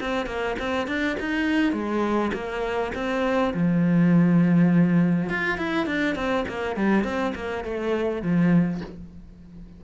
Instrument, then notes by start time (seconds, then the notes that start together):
cello
0.00 C4
0.26 A#3
0.59 C4
0.87 D4
1.20 D#4
1.72 G#3
2.33 A#3
2.94 C4
3.53 F3
5.29 F4
5.58 E4
5.86 D4
6.16 C4
6.48 A#3
6.76 G3
7.04 C4
7.34 A#3
7.64 A3
8.22 F3